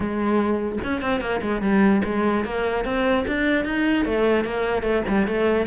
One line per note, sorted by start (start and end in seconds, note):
0.00 0.78 G#3
0.83 1.01 C#4
1.01 1.20 C4
1.20 1.41 A#3
1.41 1.61 G#3
1.61 2.02 G3
2.04 2.44 G#3
2.45 2.84 A#3
2.84 3.25 C4
3.27 3.64 D4
3.64 4.05 D#4
4.05 4.44 A3
4.44 4.82 A#3
4.82 5.02 A3
5.08 5.27 G3
5.27 5.66 A3